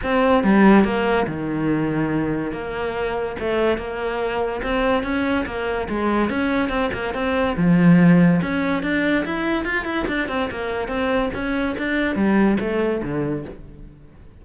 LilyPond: \new Staff \with { instrumentName = "cello" } { \time 4/4 \tempo 4 = 143 c'4 g4 ais4 dis4~ | dis2 ais2 | a4 ais2 c'4 | cis'4 ais4 gis4 cis'4 |
c'8 ais8 c'4 f2 | cis'4 d'4 e'4 f'8 e'8 | d'8 c'8 ais4 c'4 cis'4 | d'4 g4 a4 d4 | }